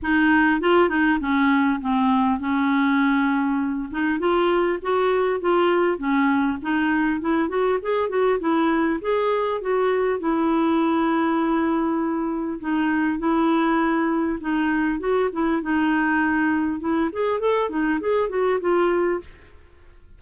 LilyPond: \new Staff \with { instrumentName = "clarinet" } { \time 4/4 \tempo 4 = 100 dis'4 f'8 dis'8 cis'4 c'4 | cis'2~ cis'8 dis'8 f'4 | fis'4 f'4 cis'4 dis'4 | e'8 fis'8 gis'8 fis'8 e'4 gis'4 |
fis'4 e'2.~ | e'4 dis'4 e'2 | dis'4 fis'8 e'8 dis'2 | e'8 gis'8 a'8 dis'8 gis'8 fis'8 f'4 | }